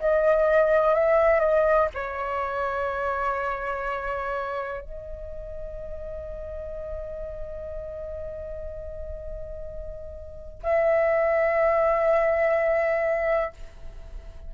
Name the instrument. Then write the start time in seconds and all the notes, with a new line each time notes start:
flute
0.00 D#5
0.94 E5
1.40 D#5
1.94 C#5
4.81 D#5
10.63 E5